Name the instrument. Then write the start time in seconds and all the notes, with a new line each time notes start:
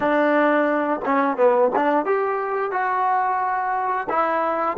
trombone
0.00 D4
1.05 C#4
1.36 B3
1.75 D4
2.05 G4
2.71 F#4
4.09 E4